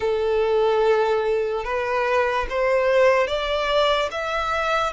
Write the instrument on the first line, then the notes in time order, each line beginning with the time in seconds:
violin
0.00 A4
1.64 B4
2.49 C5
3.27 D5
4.11 E5